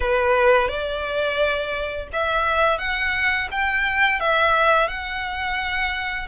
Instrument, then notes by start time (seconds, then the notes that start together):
violin
0.00 B4
0.68 D5
2.12 E5
2.78 F#5
3.51 G5
4.20 E5
4.88 F#5